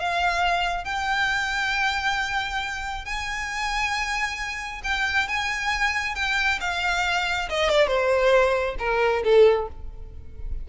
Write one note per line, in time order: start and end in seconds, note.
0.00 0.85 F5
0.85 3.05 G5
3.05 4.82 G#5
4.84 5.28 G5
5.28 6.15 G#5
6.15 6.60 G5
6.61 7.49 F5
7.49 7.70 D#5
7.70 7.87 D5
7.87 8.76 C5
8.79 9.23 A#4
9.24 9.68 A4